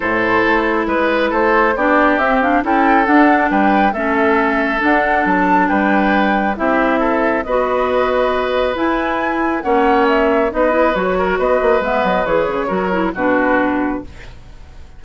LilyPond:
<<
  \new Staff \with { instrumentName = "flute" } { \time 4/4 \tempo 4 = 137 c''2 b'4 c''4 | d''4 e''8 f''8 g''4 fis''4 | g''4 e''2 fis''4 | a''4 g''2 e''4~ |
e''4 dis''2. | gis''2 fis''4 e''4 | dis''4 cis''4 dis''4 e''8 dis''8 | cis''2 b'2 | }
  \new Staff \with { instrumentName = "oboe" } { \time 4/4 a'2 b'4 a'4 | g'2 a'2 | b'4 a'2.~ | a'4 b'2 g'4 |
a'4 b'2.~ | b'2 cis''2 | b'4. ais'8 b'2~ | b'4 ais'4 fis'2 | }
  \new Staff \with { instrumentName = "clarinet" } { \time 4/4 e'1 | d'4 c'8 d'8 e'4 d'4~ | d'4 cis'2 d'4~ | d'2. e'4~ |
e'4 fis'2. | e'2 cis'2 | dis'8 e'8 fis'2 b4 | gis'4 fis'8 e'8 d'2 | }
  \new Staff \with { instrumentName = "bassoon" } { \time 4/4 a,4 a4 gis4 a4 | b4 c'4 cis'4 d'4 | g4 a2 d'4 | fis4 g2 c'4~ |
c'4 b2. | e'2 ais2 | b4 fis4 b8 ais8 gis8 fis8 | e8 cis8 fis4 b,2 | }
>>